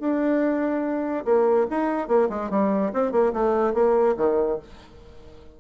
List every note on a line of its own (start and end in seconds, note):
0.00 1.25 D4
1.25 1.67 A#3
1.71 2.08 D#4
2.08 2.29 A#3
2.30 2.50 G#3
2.50 2.92 G3
2.94 3.12 C4
3.12 3.33 A#3
3.34 3.74 A3
3.74 4.16 A#3
4.17 4.59 D#3